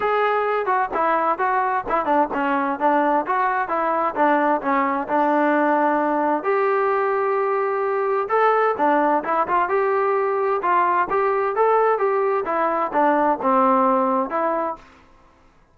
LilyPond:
\new Staff \with { instrumentName = "trombone" } { \time 4/4 \tempo 4 = 130 gis'4. fis'8 e'4 fis'4 | e'8 d'8 cis'4 d'4 fis'4 | e'4 d'4 cis'4 d'4~ | d'2 g'2~ |
g'2 a'4 d'4 | e'8 f'8 g'2 f'4 | g'4 a'4 g'4 e'4 | d'4 c'2 e'4 | }